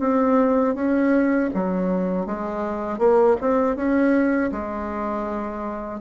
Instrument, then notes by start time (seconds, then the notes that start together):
bassoon
0.00 C4
0.75 C#4
1.54 F#3
2.26 G#3
2.99 A#3
3.41 C4
3.76 C#4
4.52 G#3